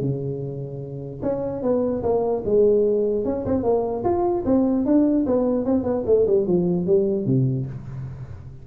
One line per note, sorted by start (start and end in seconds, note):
0.00 1.21 C#3
1.22 1.62 C#4
1.62 2.02 B3
2.02 2.43 A#3
2.45 3.25 G#3
3.25 3.45 C#4
3.45 3.63 C4
3.63 4.03 A#3
4.04 4.44 F4
4.45 4.85 C4
4.85 5.25 D4
5.26 5.65 B3
5.65 5.83 C4
5.83 6.03 B3
6.05 6.26 A3
6.27 6.46 G3
6.46 6.86 F3
6.86 7.25 G3
7.25 7.66 C3